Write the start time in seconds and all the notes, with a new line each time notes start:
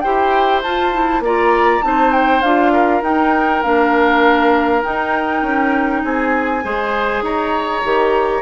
0.00 E4 G4 C5 G5
0.62 F4 A5
0.92 E4
1.20 A#3 F4 D5 A#5
1.81 C4 D#4 C5 A5
2.12 G5
2.42 D4 F4 F5
2.73 A#4
3.02 D#4 G5
3.63 A#3 D4 F5
4.82 D#4 G5
5.42 C#4
6.03 C4 G#4 G#5
6.63 G#3 G#4 C5
7.22 D#4 C#5 A#5
7.84 D#3 G4